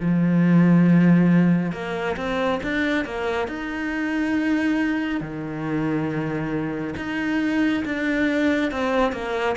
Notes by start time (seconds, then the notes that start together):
0.00 F3
1.72 A#3
2.16 C4
2.63 D4
3.05 A#3
3.47 D#4
5.20 D#3
6.96 D#4
7.85 D4
8.71 C4
9.12 A#3